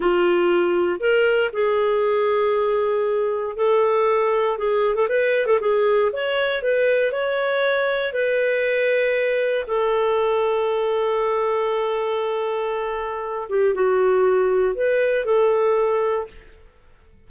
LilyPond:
\new Staff \with { instrumentName = "clarinet" } { \time 4/4 \tempo 4 = 118 f'2 ais'4 gis'4~ | gis'2. a'4~ | a'4 gis'8. a'16 b'8. a'16 gis'4 | cis''4 b'4 cis''2 |
b'2. a'4~ | a'1~ | a'2~ a'8 g'8 fis'4~ | fis'4 b'4 a'2 | }